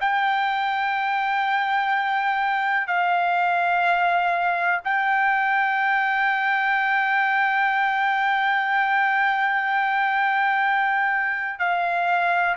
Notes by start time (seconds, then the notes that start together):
0.00 G5
2.87 F5
4.84 G5
11.59 F5